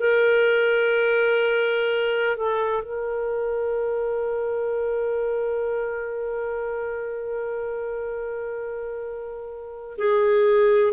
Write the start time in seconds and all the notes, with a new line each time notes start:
0.00 A#4
2.37 A4
2.83 A#4
9.98 G#4